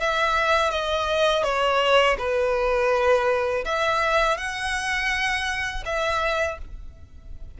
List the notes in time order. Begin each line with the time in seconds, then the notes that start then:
0.00 E5
0.71 D#5
1.43 C#5
2.18 B4
3.65 E5
4.37 F#5
5.85 E5